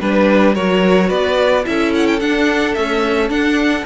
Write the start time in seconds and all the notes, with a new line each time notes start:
0.00 G3 D4 B4
0.54 F#3 F#4 A#4 C#5
1.08 B3 B4 D5
1.64 C#4 E4 A4 E5
1.94 F#5
2.07 G5
2.19 D4 F#5
2.74 A3 C#4 E5
3.29 D4 F#5